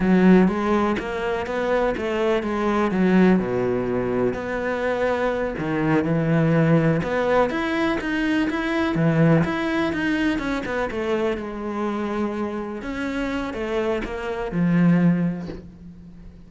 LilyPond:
\new Staff \with { instrumentName = "cello" } { \time 4/4 \tempo 4 = 124 fis4 gis4 ais4 b4 | a4 gis4 fis4 b,4~ | b,4 b2~ b8 dis8~ | dis8 e2 b4 e'8~ |
e'8 dis'4 e'4 e4 e'8~ | e'8 dis'4 cis'8 b8 a4 gis8~ | gis2~ gis8 cis'4. | a4 ais4 f2 | }